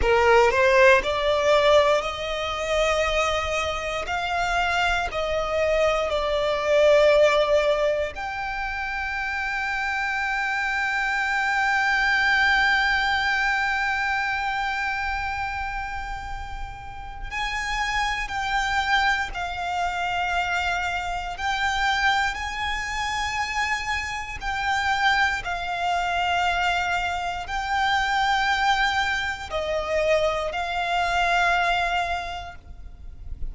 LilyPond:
\new Staff \with { instrumentName = "violin" } { \time 4/4 \tempo 4 = 59 ais'8 c''8 d''4 dis''2 | f''4 dis''4 d''2 | g''1~ | g''1~ |
g''4 gis''4 g''4 f''4~ | f''4 g''4 gis''2 | g''4 f''2 g''4~ | g''4 dis''4 f''2 | }